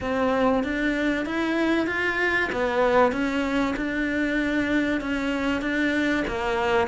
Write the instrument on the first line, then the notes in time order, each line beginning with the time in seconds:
cello
0.01 C4
0.63 D4
1.25 E4
1.87 F4
2.52 B3
3.12 C#4
3.76 D4
5.00 C#4
5.61 D4
6.27 A#3